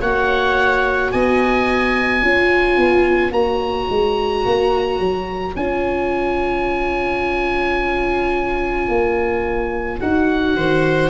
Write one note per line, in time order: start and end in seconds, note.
0.00 1.11 A#3
0.00 2.23 F#4
0.00 1.12 C#5
0.00 1.12 F#5
1.12 2.22 B3
1.12 2.23 D#5
1.12 3.32 G#5
2.22 2.78 C#4
2.22 3.32 F4
2.22 10.57 C#5
2.78 3.31 B3
3.31 3.87 A#3
3.31 5.54 F#4
3.31 5.55 A#5
3.90 4.45 G#3
4.45 4.99 A#3
4.99 5.55 F#3
5.56 8.88 C#4
5.56 10.00 F4
5.56 10.00 G#5
8.88 10.00 A#3
10.00 10.56 D#4
10.00 11.10 F#4
10.00 11.10 F#5
10.56 11.10 D#3
10.56 11.10 C5